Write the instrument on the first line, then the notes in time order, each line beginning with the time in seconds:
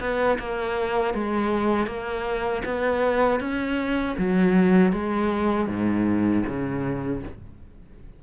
cello
0.00 B3
0.39 A#3
1.14 G#3
1.87 A#3
2.65 B3
3.40 C#4
4.18 F#3
4.92 G#3
5.68 G#2
6.47 C#3